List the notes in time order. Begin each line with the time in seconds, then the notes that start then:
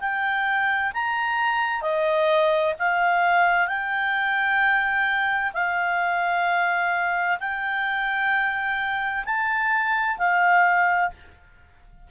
0.00 G5
0.93 A#5
1.82 D#5
2.79 F5
3.68 G5
5.53 F5
7.40 G5
9.25 A5
10.18 F5